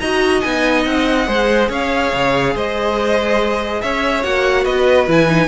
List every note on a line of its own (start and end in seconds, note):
0.00 0.43 D#4
0.00 0.44 F#4
0.00 1.28 D#5
0.00 0.41 A#5
0.41 0.86 B3
0.41 1.26 D#4
0.41 0.83 G#5
0.86 1.28 C4
0.86 1.70 F#5
1.26 1.69 G#3
1.26 4.22 G#4
1.26 1.69 C5
1.69 2.12 C#4
1.69 2.54 C#5
1.69 2.57 F5
2.13 2.55 C#3
2.55 3.82 G#3
2.55 3.82 C5
2.55 3.82 D#5
3.82 4.24 C#4
3.82 4.64 C#5
3.82 4.23 E5
4.23 4.66 A#3
4.23 5.08 F#4
4.23 4.65 F#5
4.64 5.08 B3
4.64 5.48 B4
4.64 5.07 D#5
5.08 5.48 E3
5.08 5.28 E4
5.08 5.48 G#5
5.28 5.48 D#4